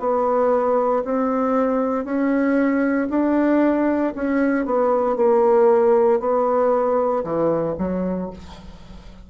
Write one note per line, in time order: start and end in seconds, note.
0.00 1.03 B3
1.05 2.05 C4
2.05 3.08 C#4
3.10 4.14 D4
4.15 4.66 C#4
4.66 5.17 B3
5.17 6.20 A#3
6.20 7.24 B3
7.24 7.76 E3
7.79 8.30 F#3